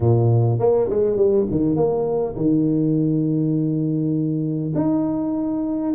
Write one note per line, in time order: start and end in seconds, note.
0.00 0.59 A#2
0.59 0.89 A#3
0.89 1.16 G#3
1.16 1.46 G3
1.50 1.76 D#3
1.76 2.35 A#3
2.35 4.73 D#3
4.75 5.94 D#4